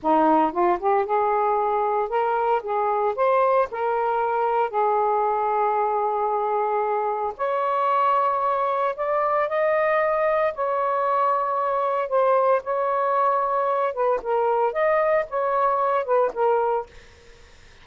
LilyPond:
\new Staff \with { instrumentName = "saxophone" } { \time 4/4 \tempo 4 = 114 dis'4 f'8 g'8 gis'2 | ais'4 gis'4 c''4 ais'4~ | ais'4 gis'2.~ | gis'2 cis''2~ |
cis''4 d''4 dis''2 | cis''2. c''4 | cis''2~ cis''8 b'8 ais'4 | dis''4 cis''4. b'8 ais'4 | }